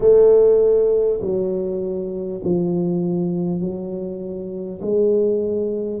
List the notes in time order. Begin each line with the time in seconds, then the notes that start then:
0.00 A3
1.21 F#3
2.44 F3
3.60 F#3
4.81 G#3